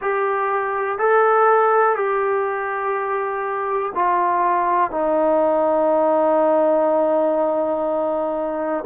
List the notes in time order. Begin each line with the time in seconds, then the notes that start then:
0.01 G4
0.98 A4
1.95 G4
3.94 F4
4.90 D#4